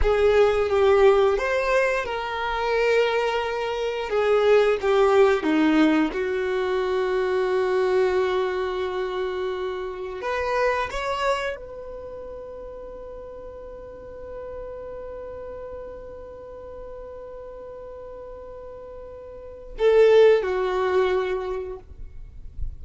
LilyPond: \new Staff \with { instrumentName = "violin" } { \time 4/4 \tempo 4 = 88 gis'4 g'4 c''4 ais'4~ | ais'2 gis'4 g'4 | dis'4 fis'2.~ | fis'2. b'4 |
cis''4 b'2.~ | b'1~ | b'1~ | b'4 a'4 fis'2 | }